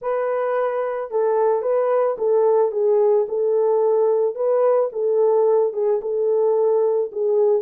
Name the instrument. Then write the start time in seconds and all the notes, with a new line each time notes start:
horn
0.01 B4
1.10 A4
1.61 B4
2.18 A4
2.71 G#4
3.28 A4
4.35 B4
4.92 A4
5.73 G#4
6.01 A4
7.12 G#4